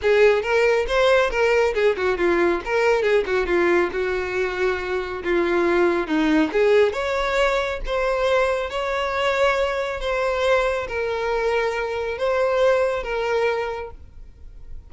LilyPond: \new Staff \with { instrumentName = "violin" } { \time 4/4 \tempo 4 = 138 gis'4 ais'4 c''4 ais'4 | gis'8 fis'8 f'4 ais'4 gis'8 fis'8 | f'4 fis'2. | f'2 dis'4 gis'4 |
cis''2 c''2 | cis''2. c''4~ | c''4 ais'2. | c''2 ais'2 | }